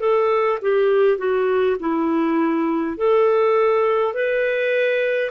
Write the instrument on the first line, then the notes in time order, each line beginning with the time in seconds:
clarinet
0.00 A4
0.61 G4
1.18 F#4
1.80 E4
2.97 A4
4.14 B4